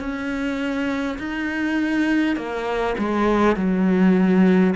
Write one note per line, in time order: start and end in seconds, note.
0.00 1.18 C#4
1.19 2.36 D#4
2.36 2.95 A#3
2.98 3.56 G#3
3.56 4.74 F#3